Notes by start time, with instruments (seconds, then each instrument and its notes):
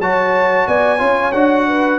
0.00 tuba F#3, trombone F#4, horn C#5, trumpet A5
0.68 tuba B3, horn D5, trumpet G#5
0.99 tuba C#4, trombone F4, horn C#5
1.32 tuba D4, trombone F#4, trumpet F#5
1.68 horn B4